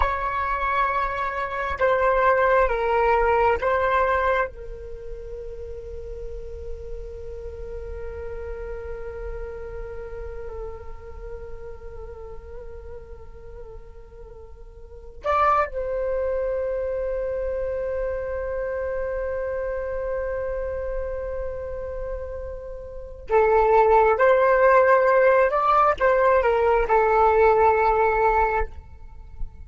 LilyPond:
\new Staff \with { instrumentName = "flute" } { \time 4/4 \tempo 4 = 67 cis''2 c''4 ais'4 | c''4 ais'2.~ | ais'1~ | ais'1~ |
ais'4 d''8 c''2~ c''8~ | c''1~ | c''2 a'4 c''4~ | c''8 d''8 c''8 ais'8 a'2 | }